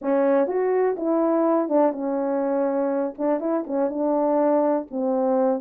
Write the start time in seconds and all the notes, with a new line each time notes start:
0.01 C#4
0.47 F#4
0.96 E4
1.68 D4
1.92 C#4
3.18 D4
3.39 E4
3.67 C#4
3.89 D4
4.90 C4